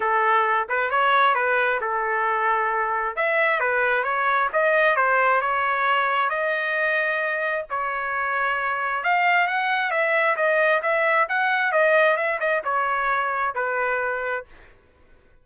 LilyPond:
\new Staff \with { instrumentName = "trumpet" } { \time 4/4 \tempo 4 = 133 a'4. b'8 cis''4 b'4 | a'2. e''4 | b'4 cis''4 dis''4 c''4 | cis''2 dis''2~ |
dis''4 cis''2. | f''4 fis''4 e''4 dis''4 | e''4 fis''4 dis''4 e''8 dis''8 | cis''2 b'2 | }